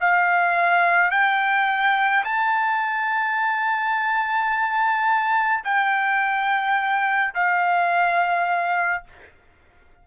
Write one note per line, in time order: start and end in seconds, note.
0.00 1.10 F5
1.10 2.23 G5
2.24 5.63 A5
5.64 7.34 G5
7.34 9.04 F5